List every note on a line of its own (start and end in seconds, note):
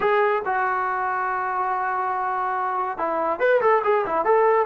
0.00 0.42 G#4
0.45 2.98 F#4
2.98 3.39 E4
3.39 3.60 B4
3.61 3.82 A4
3.84 4.05 G#4
4.06 4.24 E4
4.24 4.66 A4